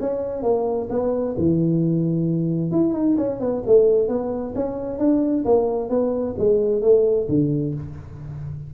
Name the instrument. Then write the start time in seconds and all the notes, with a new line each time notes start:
tuba
0.00 C#4
0.42 A#3
0.90 B3
1.37 E3
2.71 E4
2.93 D#4
3.17 C#4
3.40 B3
3.66 A3
4.08 B3
4.55 C#4
4.98 D4
5.45 A#3
5.89 B3
6.38 G#3
6.81 A3
7.29 D3